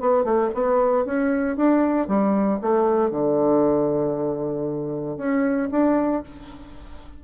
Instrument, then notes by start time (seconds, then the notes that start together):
bassoon
0.00 B3
0.24 A3
0.54 B3
1.05 C#4
1.57 D4
2.08 G3
2.61 A3
3.11 D3
5.17 C#4
5.71 D4